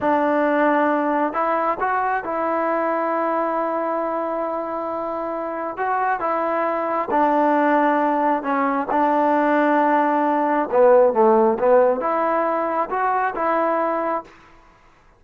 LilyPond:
\new Staff \with { instrumentName = "trombone" } { \time 4/4 \tempo 4 = 135 d'2. e'4 | fis'4 e'2.~ | e'1~ | e'4 fis'4 e'2 |
d'2. cis'4 | d'1 | b4 a4 b4 e'4~ | e'4 fis'4 e'2 | }